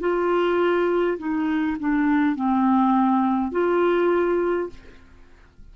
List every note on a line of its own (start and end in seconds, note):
0.00 1.18 F4
1.18 1.77 D#4
1.80 2.36 D4
2.36 3.51 C4
3.51 4.69 F4